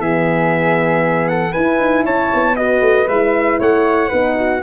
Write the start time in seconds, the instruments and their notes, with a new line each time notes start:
0.00 tuba E3, horn B3, flute G#4, trumpet E5
1.29 flute A4, trumpet F#5
1.52 horn E4, tuba E4, flute B4, trumpet G#5
1.79 tuba D#4
2.05 tuba C#4, flute C#5, trumpet A5
2.34 tuba B3
2.57 horn F#4, flute B4, trumpet D#5
2.81 tuba A3
3.07 tuba G#3, horn E4, trumpet E5
3.60 tuba A3, flute C#5, trumpet F#5
4.09 tuba B3, horn D#4, flute B4
4.36 flute F#4